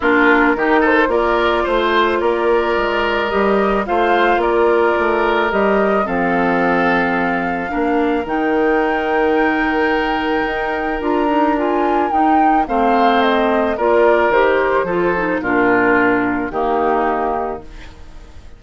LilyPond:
<<
  \new Staff \with { instrumentName = "flute" } { \time 4/4 \tempo 4 = 109 ais'4. c''8 d''4 c''4 | d''2 dis''4 f''4 | d''2 dis''4 f''4~ | f''2. g''4~ |
g''1 | ais''4 gis''4 g''4 f''4 | dis''4 d''4 c''2 | ais'2 g'2 | }
  \new Staff \with { instrumentName = "oboe" } { \time 4/4 f'4 g'8 a'8 ais'4 c''4 | ais'2. c''4 | ais'2. a'4~ | a'2 ais'2~ |
ais'1~ | ais'2. c''4~ | c''4 ais'2 a'4 | f'2 dis'2 | }
  \new Staff \with { instrumentName = "clarinet" } { \time 4/4 d'4 dis'4 f'2~ | f'2 g'4 f'4~ | f'2 g'4 c'4~ | c'2 d'4 dis'4~ |
dis'1 | f'8 dis'8 f'4 dis'4 c'4~ | c'4 f'4 g'4 f'8 dis'8 | d'2 ais2 | }
  \new Staff \with { instrumentName = "bassoon" } { \time 4/4 ais4 dis4 ais4 a4 | ais4 gis4 g4 a4 | ais4 a4 g4 f4~ | f2 ais4 dis4~ |
dis2. dis'4 | d'2 dis'4 a4~ | a4 ais4 dis4 f4 | ais,2 dis2 | }
>>